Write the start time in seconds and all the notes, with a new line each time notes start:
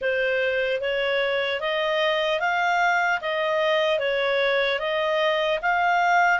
0.01 C5
0.80 C#5
1.60 D#5
2.40 F5
3.21 D#5
3.99 C#5
4.79 D#5
5.62 F5